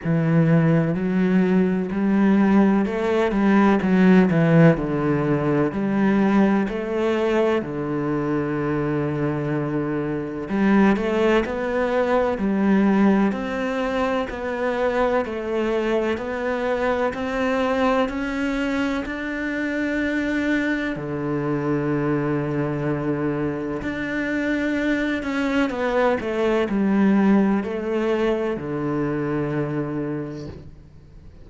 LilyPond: \new Staff \with { instrumentName = "cello" } { \time 4/4 \tempo 4 = 63 e4 fis4 g4 a8 g8 | fis8 e8 d4 g4 a4 | d2. g8 a8 | b4 g4 c'4 b4 |
a4 b4 c'4 cis'4 | d'2 d2~ | d4 d'4. cis'8 b8 a8 | g4 a4 d2 | }